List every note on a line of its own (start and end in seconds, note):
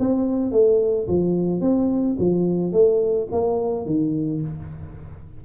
0.00 0.52 C4
0.52 1.08 A3
1.08 1.61 F3
1.61 2.17 C4
2.19 2.73 F3
2.73 3.29 A3
3.32 3.86 A#3
3.86 4.42 D#3